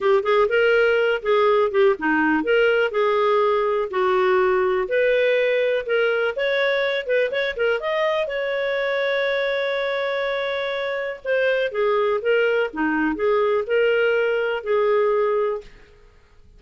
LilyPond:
\new Staff \with { instrumentName = "clarinet" } { \time 4/4 \tempo 4 = 123 g'8 gis'8 ais'4. gis'4 g'8 | dis'4 ais'4 gis'2 | fis'2 b'2 | ais'4 cis''4. b'8 cis''8 ais'8 |
dis''4 cis''2.~ | cis''2. c''4 | gis'4 ais'4 dis'4 gis'4 | ais'2 gis'2 | }